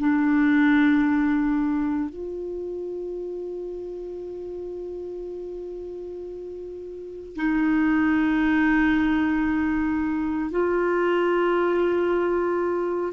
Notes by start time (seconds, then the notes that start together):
0.00 D4
2.10 F4
7.36 D#4
10.51 F4